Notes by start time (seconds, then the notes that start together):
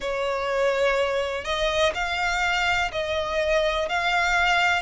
0.00 C#5
1.44 D#5
1.94 F5
2.92 D#5
3.88 F5